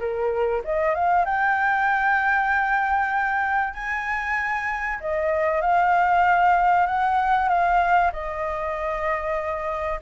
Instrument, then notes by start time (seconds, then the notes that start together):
flute
0.00 A#4
0.65 D#5
0.95 F5
1.26 G5
3.74 G#5
5.01 D#5
5.62 F5
6.87 F#5
7.49 F5
8.13 D#5